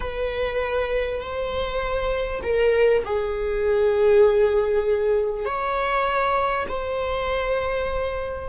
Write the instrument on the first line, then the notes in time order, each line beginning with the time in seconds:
viola
0.00 B4
1.20 C5
2.42 A#4
3.04 G#4
5.45 C#5
6.68 C5